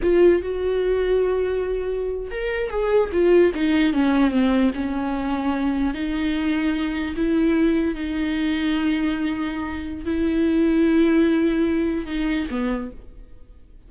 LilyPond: \new Staff \with { instrumentName = "viola" } { \time 4/4 \tempo 4 = 149 f'4 fis'2.~ | fis'4.~ fis'16 ais'4 gis'4 f'16~ | f'8. dis'4 cis'4 c'4 cis'16~ | cis'2~ cis'8. dis'4~ dis'16~ |
dis'4.~ dis'16 e'2 dis'16~ | dis'1~ | dis'4 e'2.~ | e'2 dis'4 b4 | }